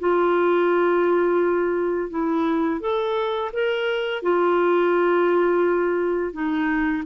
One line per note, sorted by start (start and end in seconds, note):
0.00 2.10 F4
2.10 2.81 E4
2.81 3.52 A4
3.53 4.23 A#4
4.23 6.33 F4
6.33 7.04 D#4